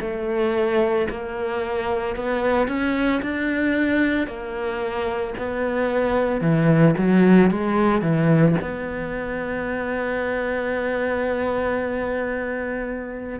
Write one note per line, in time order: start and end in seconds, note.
0.00 1.07 A3
1.10 2.16 A#3
2.16 2.67 B3
2.67 3.21 C#4
3.22 4.27 D4
4.27 5.34 A#3
5.38 6.41 B3
6.41 6.94 E3
6.97 7.50 F#3
7.50 8.02 G#3
8.02 8.55 E3
8.61 13.39 B3